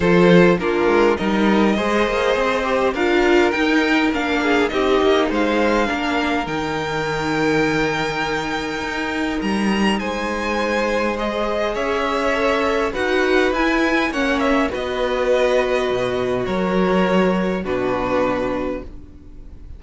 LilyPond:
<<
  \new Staff \with { instrumentName = "violin" } { \time 4/4 \tempo 4 = 102 c''4 ais'4 dis''2~ | dis''4 f''4 g''4 f''4 | dis''4 f''2 g''4~ | g''1 |
ais''4 gis''2 dis''4 | e''2 fis''4 gis''4 | fis''8 e''8 dis''2. | cis''2 b'2 | }
  \new Staff \with { instrumentName = "violin" } { \time 4/4 a'4 f'4 ais'4 c''4~ | c''4 ais'2~ ais'8 gis'8 | g'4 c''4 ais'2~ | ais'1~ |
ais'4 c''2. | cis''2 b'2 | cis''4 b'2. | ais'2 fis'2 | }
  \new Staff \with { instrumentName = "viola" } { \time 4/4 f'4 d'4 dis'4 gis'4~ | gis'8 g'8 f'4 dis'4 d'4 | dis'2 d'4 dis'4~ | dis'1~ |
dis'2. gis'4~ | gis'4 a'4 fis'4 e'4 | cis'4 fis'2.~ | fis'2 d'2 | }
  \new Staff \with { instrumentName = "cello" } { \time 4/4 f4 ais8 gis8 g4 gis8 ais8 | c'4 d'4 dis'4 ais4 | c'8 ais8 gis4 ais4 dis4~ | dis2. dis'4 |
g4 gis2. | cis'2 dis'4 e'4 | ais4 b2 b,4 | fis2 b,2 | }
>>